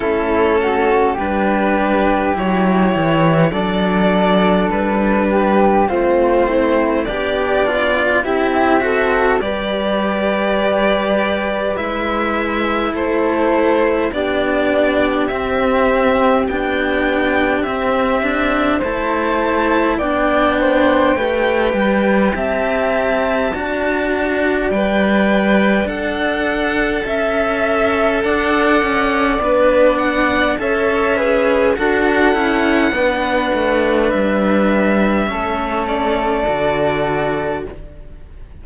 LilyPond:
<<
  \new Staff \with { instrumentName = "violin" } { \time 4/4 \tempo 4 = 51 a'4 b'4 cis''4 d''4 | b'4 c''4 d''4 e''4 | d''2 e''4 c''4 | d''4 e''4 g''4 e''4 |
a''4 g''2 a''4~ | a''4 g''4 fis''4 e''4 | fis''4 b'8 fis''8 e''4 fis''4~ | fis''4 e''4. d''4. | }
  \new Staff \with { instrumentName = "flute" } { \time 4/4 e'8 fis'8 g'2 a'4~ | a'8 g'8 f'8 e'8 d'4 g'8 a'8 | b'2. a'4 | g'1 |
c''4 d''8 c''8 b'4 e''4 | d''2. e''4 | d''2 cis''8 b'8 a'4 | b'2 a'2 | }
  \new Staff \with { instrumentName = "cello" } { \time 4/4 cis'4 d'4 e'4 d'4~ | d'4 c'4 g'8 f'8 e'8 fis'8 | g'2 e'2 | d'4 c'4 d'4 c'8 d'8 |
e'4 d'4 g'2 | fis'4 b'4 a'2~ | a'4 d'4 a'8 gis'8 fis'8 e'8 | d'2 cis'4 fis'4 | }
  \new Staff \with { instrumentName = "cello" } { \time 4/4 a4 g4 fis8 e8 fis4 | g4 a4 b4 c'4 | g2 gis4 a4 | b4 c'4 b4 c'4 |
a4 b4 a8 g8 c'4 | d'4 g4 d'4 cis'4 | d'8 cis'8 b4 cis'4 d'8 cis'8 | b8 a8 g4 a4 d4 | }
>>